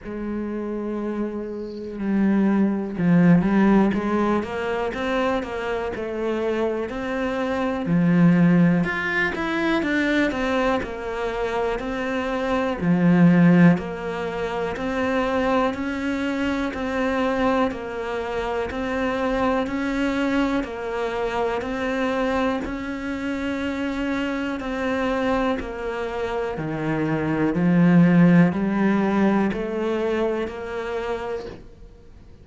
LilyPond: \new Staff \with { instrumentName = "cello" } { \time 4/4 \tempo 4 = 61 gis2 g4 f8 g8 | gis8 ais8 c'8 ais8 a4 c'4 | f4 f'8 e'8 d'8 c'8 ais4 | c'4 f4 ais4 c'4 |
cis'4 c'4 ais4 c'4 | cis'4 ais4 c'4 cis'4~ | cis'4 c'4 ais4 dis4 | f4 g4 a4 ais4 | }